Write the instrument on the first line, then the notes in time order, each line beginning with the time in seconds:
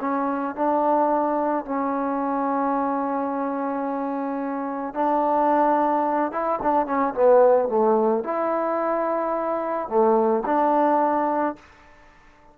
trombone
0.00 C#4
0.55 D4
1.65 C#4
4.94 D4
6.32 E4
6.62 D4
6.86 C#4
7.14 B3
7.68 A3
8.23 E4
9.88 A3
10.45 D4